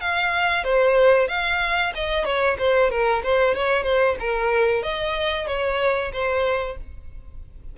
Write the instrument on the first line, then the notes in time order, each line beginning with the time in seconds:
violin
0.00 F5
0.64 C5
1.28 F5
1.94 D#5
2.24 C#5
2.58 C5
2.90 A#4
3.23 C5
3.54 C#5
3.83 C5
4.19 A#4
4.83 D#5
5.47 C#5
6.12 C5